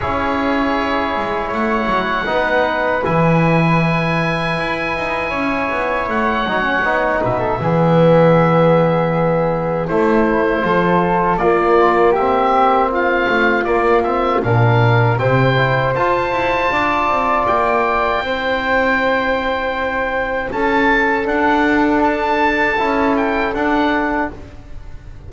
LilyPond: <<
  \new Staff \with { instrumentName = "oboe" } { \time 4/4 \tempo 4 = 79 cis''2 fis''2 | gis''1 | fis''4. e''2~ e''8~ | e''4 c''2 d''4 |
e''4 f''4 d''8 e''8 f''4 | g''4 a''2 g''4~ | g''2. a''4 | fis''4 a''4. g''8 fis''4 | }
  \new Staff \with { instrumentName = "flute" } { \time 4/4 gis'2 cis''4 b'4~ | b'2. cis''4~ | cis''4. b'16 a'16 gis'2~ | gis'4 e'4 a'4 f'4 |
g'4 f'2 ais'4 | c''2 d''2 | c''2. a'4~ | a'1 | }
  \new Staff \with { instrumentName = "trombone" } { \time 4/4 e'2. dis'4 | e'1~ | e'8 dis'16 cis'16 dis'4 b2~ | b4 a4 f'4 ais4 |
c'2 ais8 c'8 d'4 | c'8 e'8 f'2. | e'1 | d'2 e'4 d'4 | }
  \new Staff \with { instrumentName = "double bass" } { \time 4/4 cis'4. gis8 a8 fis8 b4 | e2 e'8 dis'8 cis'8 b8 | a8 fis8 b8 b,8 e2~ | e4 a4 f4 ais4~ |
ais4. a8 ais4 ais,4 | c4 f'8 e'8 d'8 c'8 ais4 | c'2. cis'4 | d'2 cis'4 d'4 | }
>>